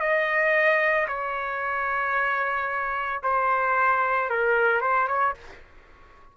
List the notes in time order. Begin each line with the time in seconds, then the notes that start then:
0.00 D#5
1.08 C#5
3.23 C5
4.30 A#4
4.81 C5
5.08 C#5